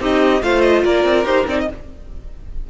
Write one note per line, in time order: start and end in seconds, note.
0.00 0.42 C4
0.00 0.43 D#4
0.00 0.42 G4
0.00 0.42 D#5
0.42 0.84 A3
0.42 1.25 F4
0.42 0.84 C5
0.42 0.61 F5
0.61 0.82 D#5
0.84 1.05 A#3
0.84 1.67 A#4
0.84 1.25 D5
1.05 1.25 C4
1.25 1.46 D#4
1.25 1.46 G4
1.25 1.46 C5
1.47 1.68 C4
1.47 1.69 D#4
1.47 1.60 D5
1.60 1.70 D#5